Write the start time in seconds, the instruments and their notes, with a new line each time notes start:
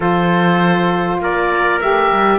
0.00 cello F3, saxophone F4, trumpet A4, oboe C5
1.19 cello A#3, trumpet A#4, oboe D5
1.80 cello A3, saxophone G4, oboe E5
2.12 cello G3